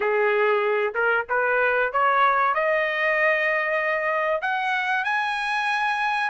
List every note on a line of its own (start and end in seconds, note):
0.00 0.94 G#4
0.94 1.25 A#4
1.29 1.92 B4
1.92 2.54 C#5
2.54 4.41 D#5
4.41 5.04 F#5
5.04 6.30 G#5